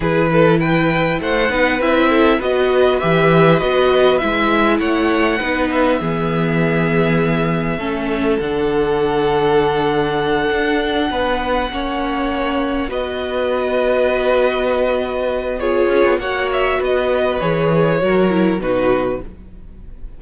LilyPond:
<<
  \new Staff \with { instrumentName = "violin" } { \time 4/4 \tempo 4 = 100 b'4 g''4 fis''4 e''4 | dis''4 e''4 dis''4 e''4 | fis''4. e''2~ e''8~ | e''2 fis''2~ |
fis''1~ | fis''4. dis''2~ dis''8~ | dis''2 cis''4 fis''8 e''8 | dis''4 cis''2 b'4 | }
  \new Staff \with { instrumentName = "violin" } { \time 4/4 gis'8 a'8 b'4 c''8 b'4 a'8 | b'1 | cis''4 b'4 gis'2~ | gis'4 a'2.~ |
a'2~ a'8 b'4 cis''8~ | cis''4. b'2~ b'8~ | b'2 gis'4 cis''4 | b'2 ais'4 fis'4 | }
  \new Staff \with { instrumentName = "viola" } { \time 4/4 e'2~ e'8 dis'8 e'4 | fis'4 g'4 fis'4 e'4~ | e'4 dis'4 b2~ | b4 cis'4 d'2~ |
d'2.~ d'8 cis'8~ | cis'4. fis'2~ fis'8~ | fis'2 f'4 fis'4~ | fis'4 gis'4 fis'8 e'8 dis'4 | }
  \new Staff \with { instrumentName = "cello" } { \time 4/4 e2 a8 b8 c'4 | b4 e4 b4 gis4 | a4 b4 e2~ | e4 a4 d2~ |
d4. d'4 b4 ais8~ | ais4. b2~ b8~ | b2~ b8 cis'16 b16 ais4 | b4 e4 fis4 b,4 | }
>>